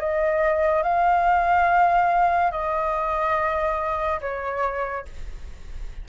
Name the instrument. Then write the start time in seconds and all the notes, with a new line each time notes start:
flute
0.00 D#5
0.83 F5
2.52 D#5
4.21 C#5